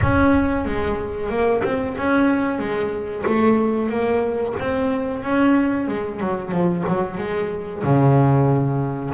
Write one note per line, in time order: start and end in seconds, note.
0.01 0.65 C#4
0.65 1.29 G#3
1.29 1.62 A#3
1.64 1.96 C4
1.97 2.58 C#4
2.58 3.24 G#3
3.25 3.89 A3
3.89 4.54 A#3
4.59 5.23 C4
5.23 5.87 C#4
5.87 6.20 G#3
6.20 6.51 F#3
6.51 6.84 F3
6.87 7.17 F#3
7.17 7.82 G#3
7.83 9.13 C#3